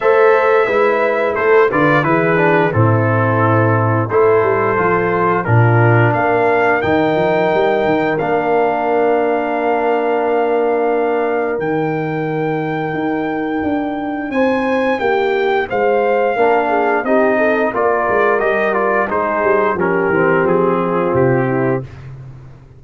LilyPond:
<<
  \new Staff \with { instrumentName = "trumpet" } { \time 4/4 \tempo 4 = 88 e''2 c''8 d''8 b'4 | a'2 c''2 | ais'4 f''4 g''2 | f''1~ |
f''4 g''2.~ | g''4 gis''4 g''4 f''4~ | f''4 dis''4 d''4 dis''8 d''8 | c''4 ais'4 gis'4 g'4 | }
  \new Staff \with { instrumentName = "horn" } { \time 4/4 c''4 b'4 a'8 b'8 gis'4 | e'2 a'2 | f'4 ais'2.~ | ais'1~ |
ais'1~ | ais'4 c''4 g'4 c''4 | ais'8 gis'8 g'8 a'8 ais'2 | gis'4 g'4. f'4 e'8 | }
  \new Staff \with { instrumentName = "trombone" } { \time 4/4 a'4 e'4. f'8 e'8 d'8 | c'2 e'4 f'4 | d'2 dis'2 | d'1~ |
d'4 dis'2.~ | dis'1 | d'4 dis'4 f'4 g'8 f'8 | dis'4 cis'8 c'2~ c'8 | }
  \new Staff \with { instrumentName = "tuba" } { \time 4/4 a4 gis4 a8 d8 e4 | a,2 a8 g8 f4 | ais,4 ais4 dis8 f8 g8 dis8 | ais1~ |
ais4 dis2 dis'4 | d'4 c'4 ais4 gis4 | ais4 c'4 ais8 gis8 g4 | gis8 g8 f8 e8 f4 c4 | }
>>